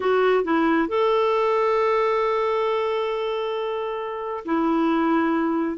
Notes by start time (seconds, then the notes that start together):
0.00 F#4
0.44 E4
0.88 A4
4.45 E4